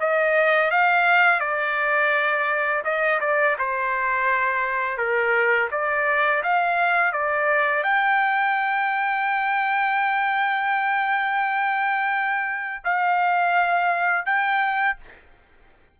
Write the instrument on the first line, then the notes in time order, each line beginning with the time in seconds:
trumpet
0.00 D#5
0.71 F5
1.40 D5
2.84 D#5
3.20 D5
3.58 C5
4.97 A#4
5.71 D5
6.43 F5
7.12 D5
7.83 G5
12.84 F5
14.25 G5